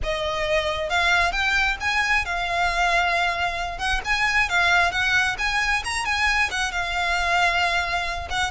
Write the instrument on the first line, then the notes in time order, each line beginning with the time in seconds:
violin
0.03 D#5
0.89 F5
1.32 G5
1.80 G#5
2.25 F5
3.78 F#5
4.04 G#5
4.49 F5
4.91 F#5
5.38 G#5
5.84 A#5
6.05 G#5
6.50 F#5
6.71 F5
8.30 F#5